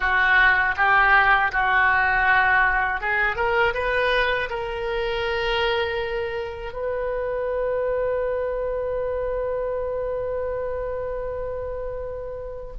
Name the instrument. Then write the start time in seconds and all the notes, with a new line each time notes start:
oboe
0.00 F#4
0.76 G4
1.52 F#4
3.00 G#4
3.36 A#4
3.74 B4
4.49 A#4
6.73 B4